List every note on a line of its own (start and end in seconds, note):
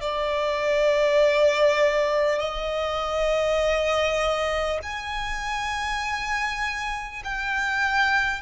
0.00 2.39 D5
2.39 4.79 D#5
4.82 7.22 G#5
7.24 8.41 G5